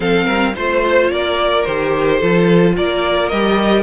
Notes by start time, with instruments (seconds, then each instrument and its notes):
0.00 cello F3, viola C4, violin A4 F5
0.25 cello G3, violin A#4
0.55 cello A3, viola F4, violin C5
1.10 cello A#3, violin A#4 D5
1.64 cello D#3, viola G4, violin C5
2.18 cello F3, viola F4, violin A4
2.76 cello A#3, violin A#4 D5
3.28 cello G3, viola G4, violin D#5